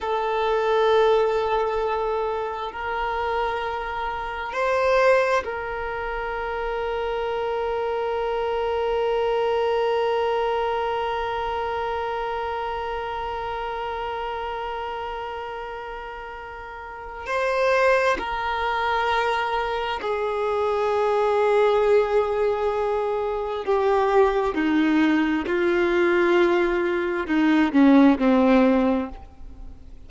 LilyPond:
\new Staff \with { instrumentName = "violin" } { \time 4/4 \tempo 4 = 66 a'2. ais'4~ | ais'4 c''4 ais'2~ | ais'1~ | ais'1~ |
ais'2. c''4 | ais'2 gis'2~ | gis'2 g'4 dis'4 | f'2 dis'8 cis'8 c'4 | }